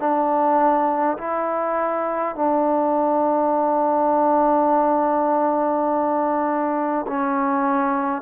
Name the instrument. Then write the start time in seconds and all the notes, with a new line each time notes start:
trombone
0.00 D4
1.18 E4
2.36 D4
7.07 C#4